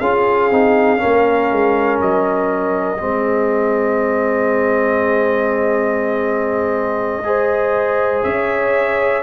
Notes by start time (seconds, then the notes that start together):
0.00 C#4 F4 G#4 F5
0.51 C4 D#4
0.98 C#4 A#4
1.05 A#3
1.52 G#3
2.01 F#3 D#5
2.98 G#3 C4 G#4
7.25 G#4 C5
8.23 C#4 C#5 E5